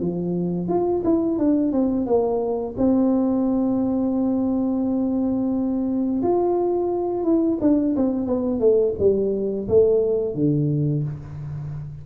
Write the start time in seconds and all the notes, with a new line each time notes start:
0.00 F3
0.68 F4
1.04 E4
1.38 D4
1.72 C4
2.06 A#3
2.77 C4
6.23 F4
7.24 E4
7.61 D4
7.96 C4
8.26 B3
8.59 A3
8.99 G3
9.68 A3
10.34 D3